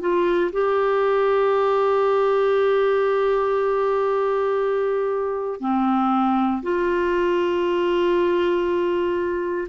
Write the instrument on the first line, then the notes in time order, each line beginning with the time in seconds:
clarinet
0.00 F4
0.52 G4
5.60 C4
6.63 F4